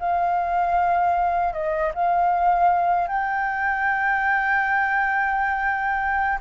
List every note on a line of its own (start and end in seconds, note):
0.00 1.54 F5
1.54 1.93 D#5
1.95 3.08 F5
3.08 6.39 G5